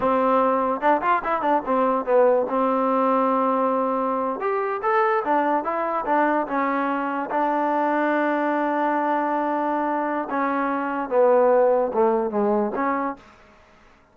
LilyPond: \new Staff \with { instrumentName = "trombone" } { \time 4/4 \tempo 4 = 146 c'2 d'8 f'8 e'8 d'8 | c'4 b4 c'2~ | c'2~ c'8. g'4 a'16~ | a'8. d'4 e'4 d'4 cis'16~ |
cis'4.~ cis'16 d'2~ d'16~ | d'1~ | d'4 cis'2 b4~ | b4 a4 gis4 cis'4 | }